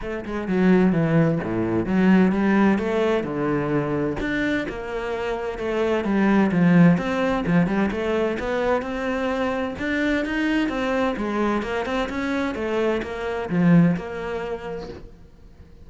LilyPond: \new Staff \with { instrumentName = "cello" } { \time 4/4 \tempo 4 = 129 a8 gis8 fis4 e4 a,4 | fis4 g4 a4 d4~ | d4 d'4 ais2 | a4 g4 f4 c'4 |
f8 g8 a4 b4 c'4~ | c'4 d'4 dis'4 c'4 | gis4 ais8 c'8 cis'4 a4 | ais4 f4 ais2 | }